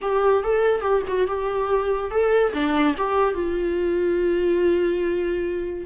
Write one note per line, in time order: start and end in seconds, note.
0.01 0.43 G4
0.43 0.81 A4
0.81 1.02 G4
1.07 1.27 F#4
1.27 2.11 G4
2.11 2.53 A4
2.53 2.95 D4
2.97 3.34 G4
3.34 5.85 F4